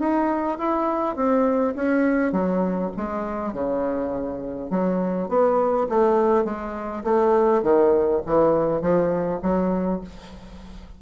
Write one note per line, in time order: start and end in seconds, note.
0.00 0.59 D#4
0.59 1.16 E4
1.16 1.75 C4
1.76 2.33 C#4
2.33 2.91 F#3
2.97 3.53 G#3
3.53 4.71 C#3
4.71 5.29 F#3
5.29 5.88 B3
5.90 6.45 A3
6.45 7.04 G#3
7.05 7.63 A3
7.63 8.22 D#3
8.26 8.82 E3
8.82 9.41 F3
9.43 10.02 F#3